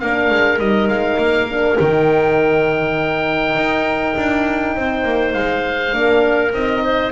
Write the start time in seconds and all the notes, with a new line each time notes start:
0.00 A#3 D4 A#4 F5
0.30 G#3
0.59 G3 D#4 D#5
0.88 G#3 F5
1.18 A#3
1.49 D4
1.78 D#3 D#4 G5
3.55 D#4
4.16 D4
4.75 C4 C5
5.04 A#3
5.33 G#3 F5
5.91 A#3 D4 A#4
6.52 C4 D#4 D#5
6.83 C5